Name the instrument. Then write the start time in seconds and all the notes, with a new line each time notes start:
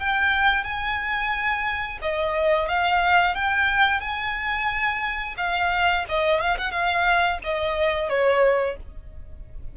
violin
0.00 G5
0.64 G#5
2.02 D#5
2.69 F5
3.35 G5
4.01 G#5
5.37 F5
6.09 D#5
6.41 F5
6.59 F#5
6.72 F5
7.44 D#5
8.10 C#5